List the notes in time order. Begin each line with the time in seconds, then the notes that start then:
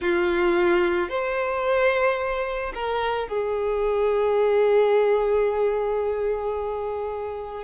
0.01 F4
1.09 C5
2.74 A#4
3.28 G#4